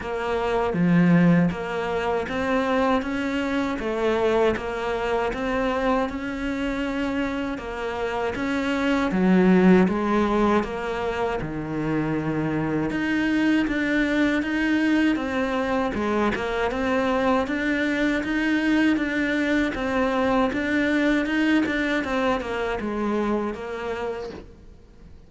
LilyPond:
\new Staff \with { instrumentName = "cello" } { \time 4/4 \tempo 4 = 79 ais4 f4 ais4 c'4 | cis'4 a4 ais4 c'4 | cis'2 ais4 cis'4 | fis4 gis4 ais4 dis4~ |
dis4 dis'4 d'4 dis'4 | c'4 gis8 ais8 c'4 d'4 | dis'4 d'4 c'4 d'4 | dis'8 d'8 c'8 ais8 gis4 ais4 | }